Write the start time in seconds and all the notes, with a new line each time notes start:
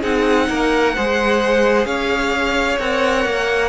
0.00 C4 D#4 G#4 F#5
0.49 A#3 A#4
0.95 G#3 G#4 C5
1.85 C#4 C#5 F5
2.79 C4 A#4 F#5
3.25 A#3